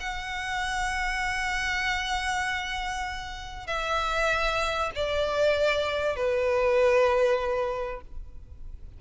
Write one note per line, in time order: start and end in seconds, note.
0.00 3.67 F#5
3.67 4.91 E5
4.95 6.16 D5
6.16 8.02 B4